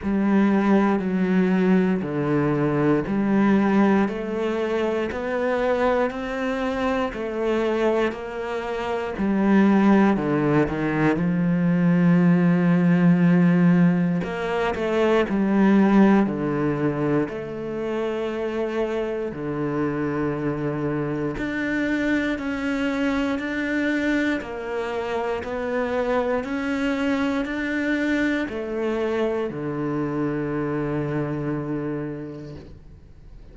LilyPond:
\new Staff \with { instrumentName = "cello" } { \time 4/4 \tempo 4 = 59 g4 fis4 d4 g4 | a4 b4 c'4 a4 | ais4 g4 d8 dis8 f4~ | f2 ais8 a8 g4 |
d4 a2 d4~ | d4 d'4 cis'4 d'4 | ais4 b4 cis'4 d'4 | a4 d2. | }